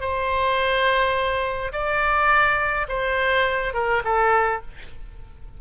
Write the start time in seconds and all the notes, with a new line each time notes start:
0.00 C5
1.72 D5
2.88 C5
3.74 A#4
4.04 A4